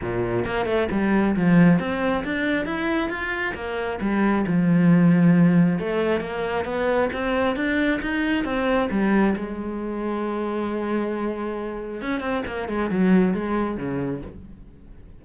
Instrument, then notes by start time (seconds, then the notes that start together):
cello
0.01 A#2
0.45 A#3
0.65 A3
0.91 G3
1.36 F3
1.79 C4
2.24 D4
2.65 E4
3.09 F4
3.55 A#3
4.00 G3
4.46 F3
5.79 A3
6.20 A#3
6.64 B3
7.12 C4
7.56 D4
8.01 D#4
8.44 C4
8.91 G3
9.36 G#3
12.01 C#4
12.20 C4
12.46 A#3
12.68 G#3
12.90 F#3
13.34 G#3
13.77 C#3